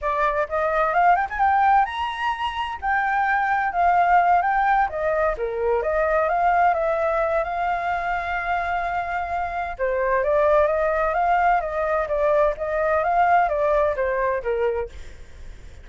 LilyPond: \new Staff \with { instrumentName = "flute" } { \time 4/4 \tempo 4 = 129 d''4 dis''4 f''8 g''16 gis''16 g''4 | ais''2 g''2 | f''4. g''4 dis''4 ais'8~ | ais'8 dis''4 f''4 e''4. |
f''1~ | f''4 c''4 d''4 dis''4 | f''4 dis''4 d''4 dis''4 | f''4 d''4 c''4 ais'4 | }